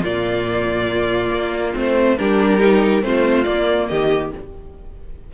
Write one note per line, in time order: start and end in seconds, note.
0.00 1.31 A#2
0.00 1.73 A#3
0.00 2.14 F4
0.00 1.75 D5
1.31 1.74 A#3
1.73 2.19 A3
1.73 2.16 C4
1.73 2.18 C5
2.18 3.03 G3
2.18 2.60 D4
2.18 3.04 G4
2.18 3.03 A#4
2.60 3.02 D#4
3.02 3.46 A3
3.02 3.45 C4
3.02 3.89 F4
3.02 3.44 C5
3.44 4.32 A#3
3.44 3.89 A#3
3.44 3.87 D5
3.88 4.34 D#3
3.88 4.32 G4
3.88 4.31 D#5